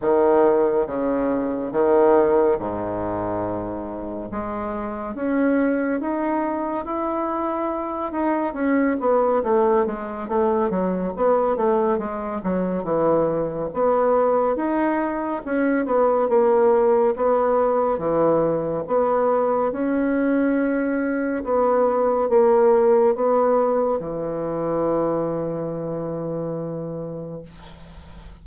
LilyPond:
\new Staff \with { instrumentName = "bassoon" } { \time 4/4 \tempo 4 = 70 dis4 cis4 dis4 gis,4~ | gis,4 gis4 cis'4 dis'4 | e'4. dis'8 cis'8 b8 a8 gis8 | a8 fis8 b8 a8 gis8 fis8 e4 |
b4 dis'4 cis'8 b8 ais4 | b4 e4 b4 cis'4~ | cis'4 b4 ais4 b4 | e1 | }